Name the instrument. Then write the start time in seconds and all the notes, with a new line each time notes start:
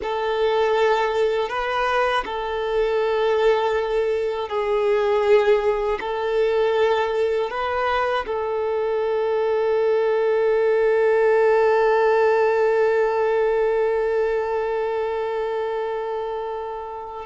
violin
0.02 A4
1.48 B4
2.25 A4
4.48 G#4
6.00 A4
7.50 B4
8.26 A4